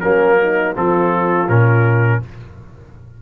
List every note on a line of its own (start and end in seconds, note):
0.00 0.76 F#3
0.00 0.74 A#3
0.00 0.37 C#4
0.00 0.73 A#4
0.42 0.74 D#4
0.74 1.48 F3
0.74 1.47 C4
0.74 2.21 F4
0.74 1.49 A4
1.48 2.21 A#2
1.48 2.22 C#4
1.48 2.22 A#4